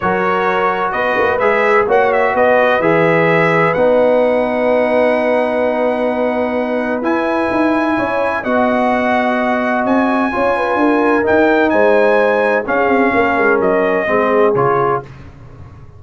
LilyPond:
<<
  \new Staff \with { instrumentName = "trumpet" } { \time 4/4 \tempo 4 = 128 cis''2 dis''4 e''4 | fis''8 e''8 dis''4 e''2 | fis''1~ | fis''2. gis''4~ |
gis''2 fis''2~ | fis''4 gis''2. | g''4 gis''2 f''4~ | f''4 dis''2 cis''4 | }
  \new Staff \with { instrumentName = "horn" } { \time 4/4 ais'2 b'2 | cis''4 b'2.~ | b'1~ | b'1~ |
b'4 cis''4 dis''2~ | dis''2 cis''8 b'8 ais'4~ | ais'4 c''2 gis'4 | ais'2 gis'2 | }
  \new Staff \with { instrumentName = "trombone" } { \time 4/4 fis'2. gis'4 | fis'2 gis'2 | dis'1~ | dis'2. e'4~ |
e'2 fis'2~ | fis'2 f'2 | dis'2. cis'4~ | cis'2 c'4 f'4 | }
  \new Staff \with { instrumentName = "tuba" } { \time 4/4 fis2 b8 ais8 gis4 | ais4 b4 e2 | b1~ | b2. e'4 |
dis'4 cis'4 b2~ | b4 c'4 cis'4 d'4 | dis'4 gis2 cis'8 c'8 | ais8 gis8 fis4 gis4 cis4 | }
>>